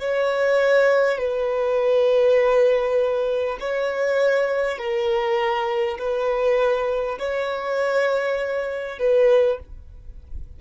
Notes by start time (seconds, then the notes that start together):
0.00 C#5
1.18 B4
3.60 C#5
4.78 A#4
5.98 B4
7.18 C#5
8.98 B4